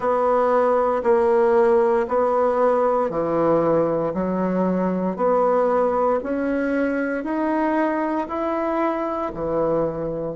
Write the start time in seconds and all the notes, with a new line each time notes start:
0.00 B3
1.03 A#3
2.07 B3
3.09 E3
4.14 F#3
5.16 B3
6.23 C#4
7.24 D#4
8.28 E4
9.34 E3